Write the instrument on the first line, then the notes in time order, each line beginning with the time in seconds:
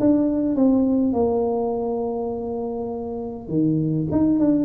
tuba
0.00 D4
0.55 C4
1.13 A#3
3.48 D#3
4.11 D#4
4.40 D4